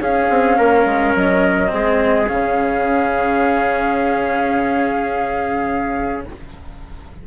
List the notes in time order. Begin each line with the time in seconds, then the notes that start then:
0.00 C#4 G#4 F5
0.30 C4
0.57 A#3 A#4
0.85 G#3
1.15 F#3 D#5
1.68 G#3 C4
1.74 G#4
2.28 C#3 C#4 F5